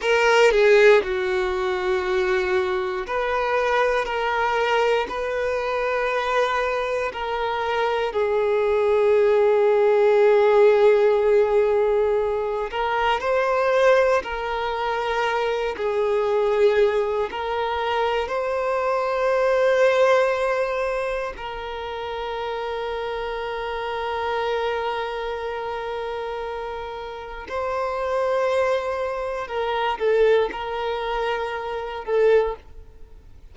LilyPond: \new Staff \with { instrumentName = "violin" } { \time 4/4 \tempo 4 = 59 ais'8 gis'8 fis'2 b'4 | ais'4 b'2 ais'4 | gis'1~ | gis'8 ais'8 c''4 ais'4. gis'8~ |
gis'4 ais'4 c''2~ | c''4 ais'2.~ | ais'2. c''4~ | c''4 ais'8 a'8 ais'4. a'8 | }